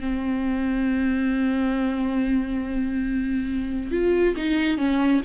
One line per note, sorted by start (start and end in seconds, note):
0.00 3.91 C4
3.91 4.35 F4
4.36 4.78 D#4
4.78 5.21 C#4